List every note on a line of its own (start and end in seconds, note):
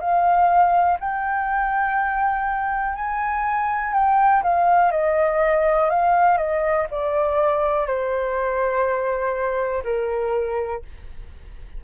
0.00 0.98 F5
1.00 2.95 G5
2.95 3.93 G#5
3.93 4.42 G5
4.43 4.91 F5
4.91 5.89 D#5
5.90 6.37 F5
6.37 6.86 D#5
6.90 7.86 D5
7.86 9.83 C5
9.84 10.82 A#4